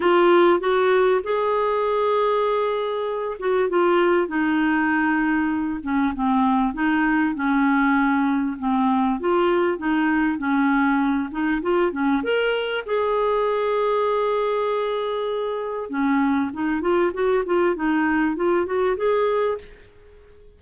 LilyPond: \new Staff \with { instrumentName = "clarinet" } { \time 4/4 \tempo 4 = 98 f'4 fis'4 gis'2~ | gis'4. fis'8 f'4 dis'4~ | dis'4. cis'8 c'4 dis'4 | cis'2 c'4 f'4 |
dis'4 cis'4. dis'8 f'8 cis'8 | ais'4 gis'2.~ | gis'2 cis'4 dis'8 f'8 | fis'8 f'8 dis'4 f'8 fis'8 gis'4 | }